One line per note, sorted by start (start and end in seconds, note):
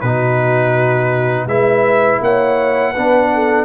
0.00 1.46 B2
0.00 1.48 D#4
0.00 1.46 F#4
0.00 1.46 B4
1.46 2.20 G#3
1.46 2.95 E4
1.46 2.20 B4
1.46 2.21 E5
2.20 2.93 A#3
2.20 2.92 C#5
2.20 3.64 F#5
2.92 3.64 B3
2.92 3.64 D4
2.92 3.28 B4
3.34 3.64 A4